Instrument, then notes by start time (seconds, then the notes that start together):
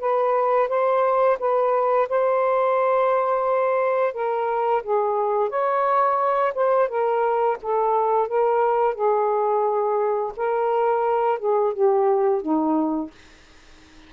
saxophone
0.00 B4
0.69 C5
1.39 B4
2.09 C5
4.13 A#4
4.83 G#4
5.50 C#5
6.55 C5
6.88 A#4
7.62 A4
8.28 A#4
8.95 G#4
10.37 A#4
11.39 G#4
11.73 G4
12.42 D#4